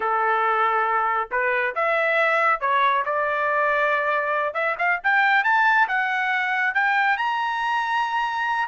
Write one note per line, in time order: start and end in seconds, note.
0.00 1.29 A4
1.31 1.74 B4
1.75 2.60 E5
2.60 3.04 C#5
3.05 4.54 D5
4.54 4.75 E5
4.78 5.00 F5
5.03 5.43 G5
5.43 5.87 A5
5.88 6.74 F#5
6.74 7.17 G5
7.17 8.68 A#5